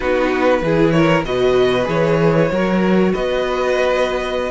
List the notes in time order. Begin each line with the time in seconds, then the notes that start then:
0.00 B3 D#4 F#4 B4
0.61 E3 E4 G#4
0.91 A#4 C#5
1.24 B2 F#4 B4 D#5
1.84 E3 G#4 C#5
2.51 F#3 F#4 A#4
3.12 B3 B4 D#5